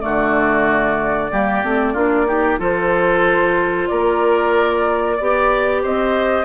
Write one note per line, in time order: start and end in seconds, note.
0.00 1.32 D3
0.00 1.29 A3
0.00 1.32 F#4
0.00 2.59 D5
1.32 1.64 G3
1.32 1.64 A#3
1.32 1.94 G4
1.64 1.95 A3
1.64 1.95 C4
1.94 2.60 A#3
1.94 2.27 D4
1.94 2.26 F4
2.27 2.59 D#4
2.27 2.60 G4
2.59 3.89 F3
2.59 5.17 F4
2.59 3.89 A4
2.59 3.88 C5
3.88 5.20 A#3
3.88 5.18 A#4
3.88 5.82 D5
5.18 5.84 B3
5.18 6.45 G4
5.18 5.82 D5
5.83 6.45 C4
5.83 6.45 C5
5.83 6.45 D#5